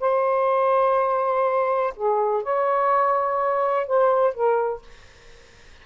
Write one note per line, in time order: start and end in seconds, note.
0.00 1.94 C5
1.96 2.43 G#4
2.43 3.87 C#5
3.87 4.34 C5
4.34 4.83 A#4